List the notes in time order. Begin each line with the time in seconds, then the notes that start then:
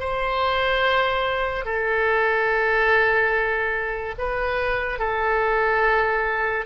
0.00 C5
1.65 A4
4.18 B4
4.99 A4